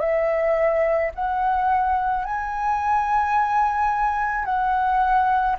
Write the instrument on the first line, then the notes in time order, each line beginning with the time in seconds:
flute
0.00 E5
1.15 F#5
2.25 G#5
4.45 F#5